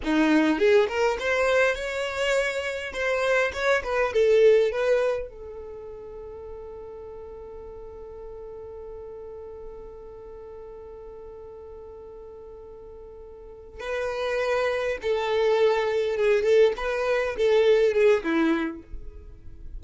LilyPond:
\new Staff \with { instrumentName = "violin" } { \time 4/4 \tempo 4 = 102 dis'4 gis'8 ais'8 c''4 cis''4~ | cis''4 c''4 cis''8 b'8 a'4 | b'4 a'2.~ | a'1~ |
a'1~ | a'2.~ a'8 b'8~ | b'4. a'2 gis'8 | a'8 b'4 a'4 gis'8 e'4 | }